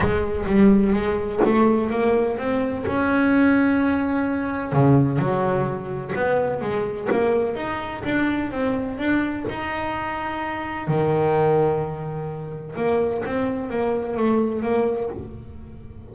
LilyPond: \new Staff \with { instrumentName = "double bass" } { \time 4/4 \tempo 4 = 127 gis4 g4 gis4 a4 | ais4 c'4 cis'2~ | cis'2 cis4 fis4~ | fis4 b4 gis4 ais4 |
dis'4 d'4 c'4 d'4 | dis'2. dis4~ | dis2. ais4 | c'4 ais4 a4 ais4 | }